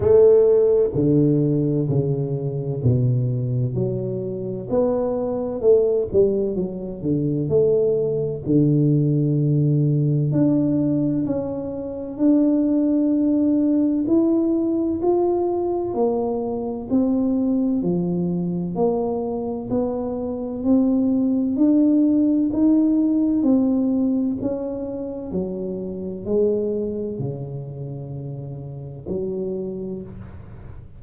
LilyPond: \new Staff \with { instrumentName = "tuba" } { \time 4/4 \tempo 4 = 64 a4 d4 cis4 b,4 | fis4 b4 a8 g8 fis8 d8 | a4 d2 d'4 | cis'4 d'2 e'4 |
f'4 ais4 c'4 f4 | ais4 b4 c'4 d'4 | dis'4 c'4 cis'4 fis4 | gis4 cis2 fis4 | }